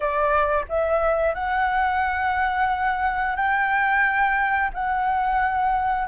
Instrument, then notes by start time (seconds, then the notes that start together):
flute
0.00 D5
0.68 E5
1.34 F#5
3.36 G5
4.73 F#5